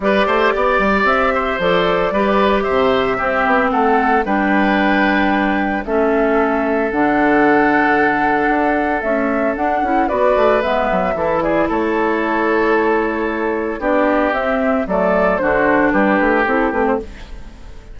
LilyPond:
<<
  \new Staff \with { instrumentName = "flute" } { \time 4/4 \tempo 4 = 113 d''2 e''4 d''4~ | d''4 e''2 fis''4 | g''2. e''4~ | e''4 fis''2.~ |
fis''4 e''4 fis''4 d''4 | e''4. d''8 cis''2~ | cis''2 d''4 e''4 | d''4 c''4 b'4 a'8 b'16 c''16 | }
  \new Staff \with { instrumentName = "oboe" } { \time 4/4 b'8 c''8 d''4. c''4. | b'4 c''4 g'4 a'4 | b'2. a'4~ | a'1~ |
a'2. b'4~ | b'4 a'8 gis'8 a'2~ | a'2 g'2 | a'4 fis'4 g'2 | }
  \new Staff \with { instrumentName = "clarinet" } { \time 4/4 g'2. a'4 | g'2 c'2 | d'2. cis'4~ | cis'4 d'2.~ |
d'4 a4 d'8 e'8 fis'4 | b4 e'2.~ | e'2 d'4 c'4 | a4 d'2 e'8 c'8 | }
  \new Staff \with { instrumentName = "bassoon" } { \time 4/4 g8 a8 b8 g8 c'4 f4 | g4 c4 c'8 b8 a4 | g2. a4~ | a4 d2. |
d'4 cis'4 d'8 cis'8 b8 a8 | gis8 fis8 e4 a2~ | a2 b4 c'4 | fis4 d4 g8 a8 c'8 a8 | }
>>